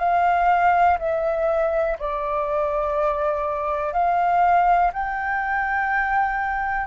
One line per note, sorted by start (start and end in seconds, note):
0.00 0.98 F5
0.99 1.98 E5
1.99 3.93 D5
3.93 4.92 F5
4.94 6.87 G5